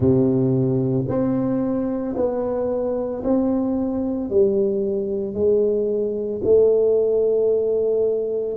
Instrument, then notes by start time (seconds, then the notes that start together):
tuba
0.00 C3
1.08 C4
2.16 B3
3.23 C4
4.30 G3
5.34 G#3
6.43 A3